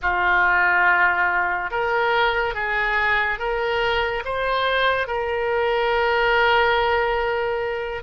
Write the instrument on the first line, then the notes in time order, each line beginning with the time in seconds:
oboe
0.02 F4
1.70 A#4
2.54 G#4
3.38 A#4
4.24 C5
5.07 A#4